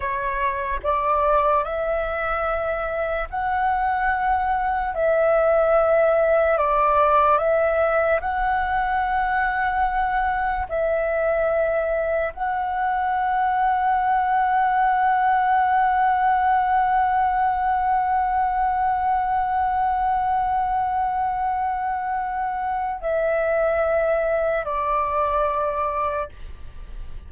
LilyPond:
\new Staff \with { instrumentName = "flute" } { \time 4/4 \tempo 4 = 73 cis''4 d''4 e''2 | fis''2 e''2 | d''4 e''4 fis''2~ | fis''4 e''2 fis''4~ |
fis''1~ | fis''1~ | fis''1 | e''2 d''2 | }